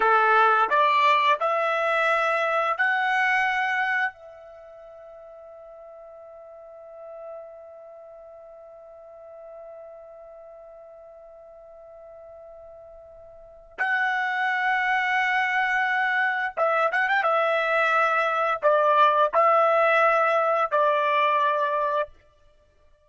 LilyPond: \new Staff \with { instrumentName = "trumpet" } { \time 4/4 \tempo 4 = 87 a'4 d''4 e''2 | fis''2 e''2~ | e''1~ | e''1~ |
e''1 | fis''1 | e''8 fis''16 g''16 e''2 d''4 | e''2 d''2 | }